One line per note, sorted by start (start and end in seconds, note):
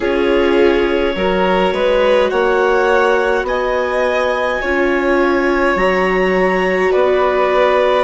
0.00 1.15 C#4
0.00 1.16 F4
0.00 1.14 G#4
0.00 2.30 C#5
1.15 1.73 F#3
1.15 4.62 F#4
1.15 1.73 A#4
1.73 2.30 G#3
1.73 2.30 B4
2.30 3.43 A#3
2.30 3.45 C#5
2.30 3.45 F#5
3.43 4.58 B3
3.43 4.61 D#5
3.43 5.77 G#5
4.61 5.75 C#4
4.61 5.77 F4
4.61 6.91 C#5
5.75 6.91 F#3
5.75 8.03 F#4
5.75 6.92 A#5
6.91 8.03 B3
6.91 8.03 B4
6.91 8.03 D5